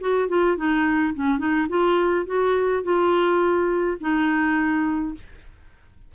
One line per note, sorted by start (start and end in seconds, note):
0.00 0.28 F#4
0.28 0.56 F4
0.56 1.14 D#4
1.14 1.38 C#4
1.38 1.67 D#4
1.69 2.26 F4
2.26 2.83 F#4
2.83 3.97 F4
4.00 5.14 D#4